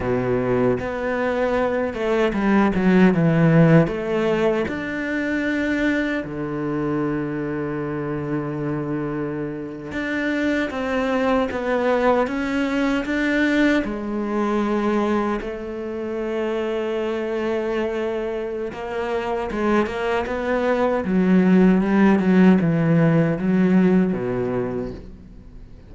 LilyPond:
\new Staff \with { instrumentName = "cello" } { \time 4/4 \tempo 4 = 77 b,4 b4. a8 g8 fis8 | e4 a4 d'2 | d1~ | d8. d'4 c'4 b4 cis'16~ |
cis'8. d'4 gis2 a16~ | a1 | ais4 gis8 ais8 b4 fis4 | g8 fis8 e4 fis4 b,4 | }